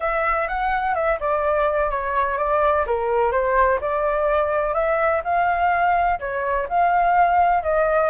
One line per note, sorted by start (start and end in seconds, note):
0.00 0.48 E5
0.48 0.95 F#5
0.95 1.18 E5
1.20 1.90 D5
1.90 2.37 C#5
2.37 2.85 D5
2.86 3.31 A#4
3.31 3.79 C5
3.81 4.73 D5
4.73 5.21 E5
5.24 6.19 F5
6.19 6.67 C#5
6.68 7.63 F5
7.63 8.10 D#5